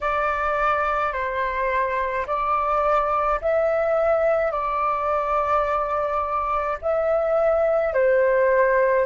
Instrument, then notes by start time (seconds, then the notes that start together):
flute
0.01 D5
1.13 C5
2.26 D5
3.41 E5
4.51 D5
6.81 E5
7.93 C5